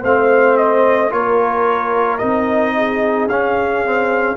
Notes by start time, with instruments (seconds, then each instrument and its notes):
0.00 tuba A3, trombone C4, horn C5, trumpet F5
0.57 trumpet D#5
1.10 tuba A#3, trombone F4, horn A#4, trumpet C#5
2.18 tuba C4, trombone D#4, trumpet D#5
2.77 horn G#4
3.27 tuba C#4, trombone C#4, trumpet F5
3.85 trombone C4